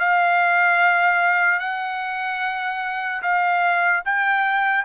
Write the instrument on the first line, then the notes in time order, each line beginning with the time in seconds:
trumpet
0.00 F5
1.60 F#5
3.23 F5
4.05 G5